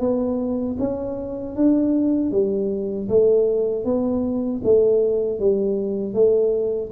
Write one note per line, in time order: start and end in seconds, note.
0.00 0.77 B3
0.79 1.56 C#4
1.56 2.32 D4
2.32 3.09 G3
3.09 3.85 A3
3.85 4.62 B3
4.64 5.40 A3
5.40 6.14 G3
6.14 6.91 A3